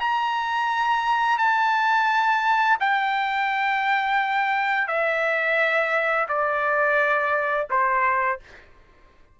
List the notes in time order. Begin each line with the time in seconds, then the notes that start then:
0.00 A#5
1.38 A5
2.80 G5
4.88 E5
6.29 D5
7.70 C5